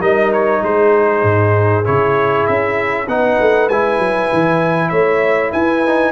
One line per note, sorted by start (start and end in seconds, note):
0.00 0.62 G3
0.00 1.84 D#4
0.00 0.61 A#4
0.00 0.32 D#5
0.33 0.63 C#5
0.63 1.23 G#3
0.63 3.09 G#4
0.63 1.85 C5
1.23 1.84 G#2
1.84 2.48 C#3
1.84 3.07 E4
1.84 2.46 C#5
2.46 3.07 C#4
2.46 3.08 E5
3.07 3.38 B3
3.07 3.70 D#4
3.07 4.90 B4
3.07 3.69 F#5
3.41 3.69 A3
3.69 3.98 G#3
3.69 5.86 E4
3.69 4.89 G#5
3.98 4.29 F#3
4.32 4.91 E3
4.89 5.52 A3
4.89 5.51 C#5
4.89 5.50 E5
5.51 6.11 E4
5.51 6.11 B4
5.51 6.11 G#5
5.86 6.11 D#4